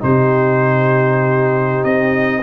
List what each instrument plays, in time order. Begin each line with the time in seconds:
0.00 tuba C3, trombone D#4, horn G4, trumpet C5
1.83 tuba C4, trumpet D#5